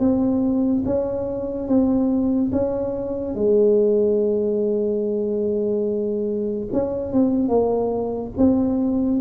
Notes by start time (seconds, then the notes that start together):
0.00 C4
0.86 C#4
1.68 C4
2.52 C#4
3.35 G#3
6.73 C#4
7.13 C4
7.48 A#3
8.37 C4